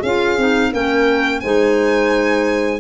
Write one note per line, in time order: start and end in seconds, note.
0.00 0.38 C#4
0.00 0.39 F4
0.00 0.70 G#4
0.00 0.73 F5
0.38 0.73 C4
0.38 0.72 D#4
0.72 1.43 A#3
0.72 1.42 C#4
0.72 1.42 A#4
0.72 1.41 G5
1.41 2.80 G#3
1.41 2.80 D#4
1.41 2.80 C5
1.41 2.80 G#5